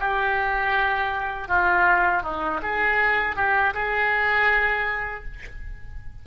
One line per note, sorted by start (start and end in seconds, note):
0.00 1.48 G4
1.48 2.23 F4
2.23 2.60 D#4
2.62 3.36 G#4
3.36 3.74 G4
3.74 5.24 G#4